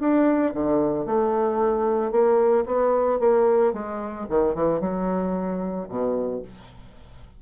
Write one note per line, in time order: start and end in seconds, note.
0.00 0.54 D4
0.54 1.06 D3
1.06 2.11 A3
2.11 2.65 A#3
2.66 3.19 B3
3.19 3.73 A#3
3.73 4.27 G#3
4.30 4.55 D#3
4.55 4.80 E3
4.80 5.88 F#3
5.89 6.42 B2